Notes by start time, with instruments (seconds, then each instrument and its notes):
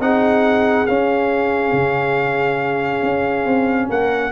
0.00 tuba C4, trombone D#4, horn G#4, trumpet F#5
0.87 trombone C#4, tuba C#4, trumpet F5
1.73 tuba C#3
3.03 tuba C#4
3.46 tuba C4
3.90 tuba A#3, horn A#4, trumpet F#5